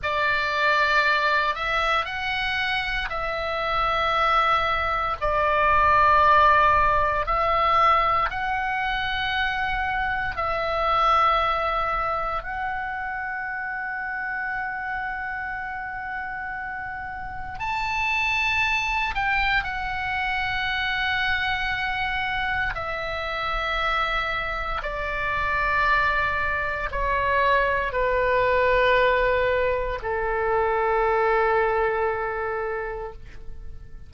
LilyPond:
\new Staff \with { instrumentName = "oboe" } { \time 4/4 \tempo 4 = 58 d''4. e''8 fis''4 e''4~ | e''4 d''2 e''4 | fis''2 e''2 | fis''1~ |
fis''4 a''4. g''8 fis''4~ | fis''2 e''2 | d''2 cis''4 b'4~ | b'4 a'2. | }